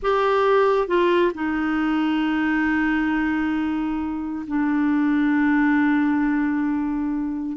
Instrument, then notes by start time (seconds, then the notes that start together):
clarinet
0.02 G4
0.87 F4
1.34 D#4
4.47 D4